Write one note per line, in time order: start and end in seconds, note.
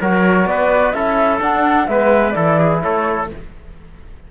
0.00 0.46 F#3
0.00 0.94 F#4
0.00 0.48 A#4
0.00 0.46 C#5
0.46 0.92 B3
0.46 0.94 B4
0.46 0.92 D5
0.92 1.40 C#4
0.92 1.39 E4
0.92 1.88 A4
0.92 1.39 E5
1.39 1.86 D4
1.39 1.88 D4
1.39 1.87 F#5
1.87 2.35 G#3
1.87 2.33 B3
1.87 2.35 B4
1.87 2.31 E5
2.31 2.83 E3
2.31 3.27 E4
2.31 2.58 A4
2.31 2.78 D5
2.58 2.82 G#4
2.82 3.31 A3
2.82 3.30 A4
2.82 3.28 C#5